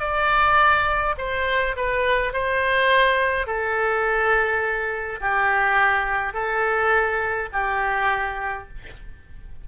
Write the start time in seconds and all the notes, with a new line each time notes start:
0.00 D5
1.18 C5
1.76 B4
2.33 C5
3.47 A4
5.21 G4
6.34 A4
7.53 G4